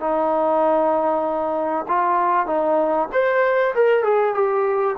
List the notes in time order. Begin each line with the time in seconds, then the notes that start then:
0.00 D#4
1.88 F4
2.47 D#4
3.12 C5
3.75 A#4
4.03 G#4
4.34 G4